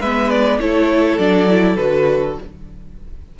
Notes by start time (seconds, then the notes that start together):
0.00 G#3 B3 B4 E5
0.30 D5
0.59 A3 E4 A4 C#5
1.19 F#3 D4 D5
1.48 E4
1.77 D3 F#4 B4